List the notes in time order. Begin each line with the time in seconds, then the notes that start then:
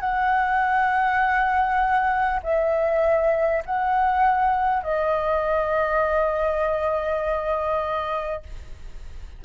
0.00 F#5
2.43 E5
3.65 F#5
4.83 D#5